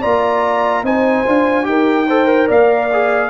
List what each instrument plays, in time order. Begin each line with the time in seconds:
0.00 tuba A#3, trombone F4, horn D5, trumpet A#5
0.83 tuba C4, trombone D#4, horn C5, trumpet G#5
1.26 tuba D4, trombone F4
1.63 tuba D#4, trombone G4, horn A#4, trumpet G5
2.07 trombone A4, horn C5
2.26 trombone A#4
2.47 tuba A#3, horn D5, trumpet F5
2.93 trombone G#4